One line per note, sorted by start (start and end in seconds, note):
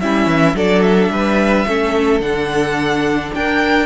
0.00 0.27 G3
0.00 0.55 C#4
0.00 0.56 E4
0.00 0.56 E5
0.27 0.54 E3
0.54 1.09 F#3
0.54 1.66 D4
0.54 1.11 A4
0.54 0.82 D5
0.82 2.21 E5
1.10 1.65 G3
1.10 1.67 B4
1.66 2.20 A3
1.66 2.22 C#4
1.66 3.34 A4
2.20 3.31 D3
2.20 3.86 D4
2.20 3.32 F#5
3.34 3.86 D4
3.34 3.86 A#4
3.34 3.86 G5